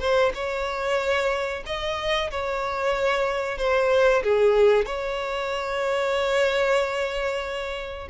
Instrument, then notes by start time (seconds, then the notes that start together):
violin
0.00 C5
0.35 C#5
1.66 D#5
2.31 C#5
3.59 C5
4.24 G#4
4.86 C#5